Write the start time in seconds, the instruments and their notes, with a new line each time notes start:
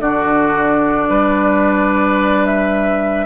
0.00 bassoon D3, clarinet D4, oboe F#4, flute D5
1.10 bassoon G3, oboe B4
2.46 flute E5